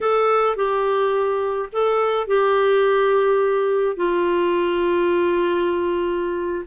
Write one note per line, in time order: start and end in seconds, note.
0.01 0.56 A4
0.56 1.69 G4
1.72 2.27 A4
2.27 3.96 G4
3.96 6.65 F4